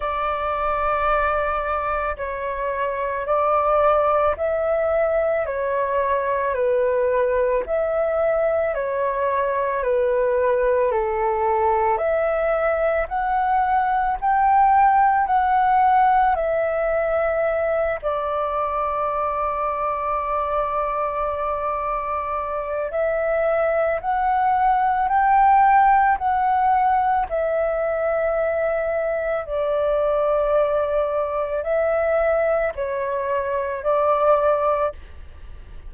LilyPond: \new Staff \with { instrumentName = "flute" } { \time 4/4 \tempo 4 = 55 d''2 cis''4 d''4 | e''4 cis''4 b'4 e''4 | cis''4 b'4 a'4 e''4 | fis''4 g''4 fis''4 e''4~ |
e''8 d''2.~ d''8~ | d''4 e''4 fis''4 g''4 | fis''4 e''2 d''4~ | d''4 e''4 cis''4 d''4 | }